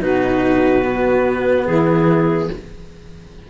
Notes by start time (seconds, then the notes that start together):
0.00 B2 D#4 F#4 B4
0.82 B3
1.66 E3 E4 G#4